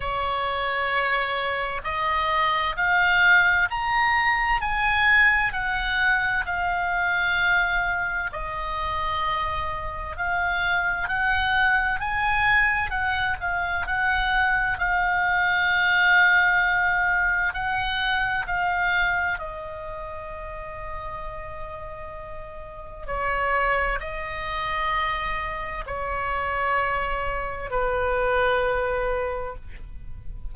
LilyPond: \new Staff \with { instrumentName = "oboe" } { \time 4/4 \tempo 4 = 65 cis''2 dis''4 f''4 | ais''4 gis''4 fis''4 f''4~ | f''4 dis''2 f''4 | fis''4 gis''4 fis''8 f''8 fis''4 |
f''2. fis''4 | f''4 dis''2.~ | dis''4 cis''4 dis''2 | cis''2 b'2 | }